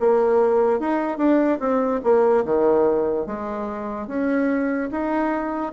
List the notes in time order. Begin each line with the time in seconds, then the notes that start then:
0.00 A#3
0.80 D#4
1.18 D4
1.60 C4
2.04 A#3
2.45 D#3
3.27 G#3
4.08 C#4
4.91 D#4